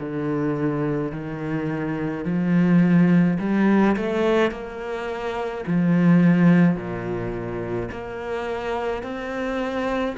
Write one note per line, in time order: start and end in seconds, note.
0.00 1.12 D3
1.12 2.25 D#3
2.25 3.38 F3
3.40 3.96 G3
3.96 4.51 A3
4.51 5.64 A#3
5.67 6.76 F3
6.76 7.89 A#2
7.91 9.03 A#3
9.03 10.16 C4